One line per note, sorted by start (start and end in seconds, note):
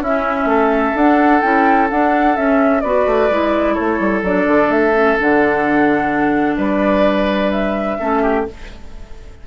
0.00 0.45 C#4
0.00 0.98 C#4
0.00 0.49 E4
0.00 0.97 E5
0.45 0.92 A3
0.45 2.83 A4
0.95 1.42 D4
0.95 1.41 F#5
1.41 1.90 C#4
1.41 1.89 E4
1.41 1.88 G5
1.90 2.37 D4
1.90 2.34 D4
1.90 2.36 F#5
2.34 2.81 C#4
2.34 2.83 C#4
2.34 2.80 E5
2.80 3.06 B3
2.80 3.31 F#4
2.80 3.74 B4
2.80 3.74 D5
3.06 3.29 A3
3.30 3.77 G#3
3.30 4.24 E4
3.74 3.99 A3
3.74 6.55 A4
3.74 4.21 C#5
3.99 4.22 G3
4.22 4.46 F#3
4.22 4.93 D4
4.22 4.71 D5
4.47 4.69 D3
4.69 5.16 A3
4.69 5.18 E5
4.93 5.17 C#4
5.19 6.57 D3
5.19 7.99 D4
5.19 6.57 F#5
6.57 7.98 G3
6.57 7.97 B4
6.57 7.51 D5
7.51 8.45 E5
7.99 8.46 A3
7.99 8.46 C#4
7.99 8.22 A4
8.22 8.46 G4